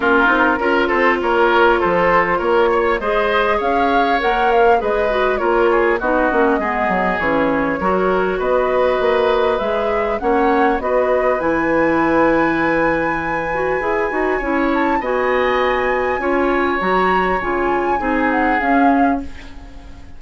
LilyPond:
<<
  \new Staff \with { instrumentName = "flute" } { \time 4/4 \tempo 4 = 100 ais'4. c''8 cis''4 c''4 | cis''4 dis''4 f''4 fis''8 f''8 | dis''4 cis''4 dis''2 | cis''2 dis''2 |
e''4 fis''4 dis''4 gis''4~ | gis''1~ | gis''8 a''8 gis''2. | ais''4 gis''4. fis''8 f''4 | }
  \new Staff \with { instrumentName = "oboe" } { \time 4/4 f'4 ais'8 a'8 ais'4 a'4 | ais'8 cis''8 c''4 cis''2 | b'4 ais'8 gis'8 fis'4 gis'4~ | gis'4 ais'4 b'2~ |
b'4 cis''4 b'2~ | b'1 | cis''4 dis''2 cis''4~ | cis''2 gis'2 | }
  \new Staff \with { instrumentName = "clarinet" } { \time 4/4 cis'8 dis'8 f'2.~ | f'4 gis'2 ais'4 | gis'8 fis'8 f'4 dis'8 cis'8 b4 | cis'4 fis'2. |
gis'4 cis'4 fis'4 e'4~ | e'2~ e'8 fis'8 gis'8 fis'8 | e'4 fis'2 f'4 | fis'4 f'4 dis'4 cis'4 | }
  \new Staff \with { instrumentName = "bassoon" } { \time 4/4 ais8 c'8 cis'8 c'8 ais4 f4 | ais4 gis4 cis'4 ais4 | gis4 ais4 b8 ais8 gis8 fis8 | e4 fis4 b4 ais4 |
gis4 ais4 b4 e4~ | e2. e'8 dis'8 | cis'4 b2 cis'4 | fis4 cis4 c'4 cis'4 | }
>>